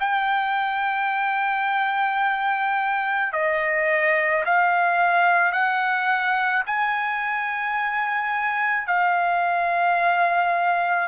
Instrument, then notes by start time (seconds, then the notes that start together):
trumpet
0.00 G5
3.33 D#5
4.45 F5
5.53 F#5
6.67 G#5
8.87 F5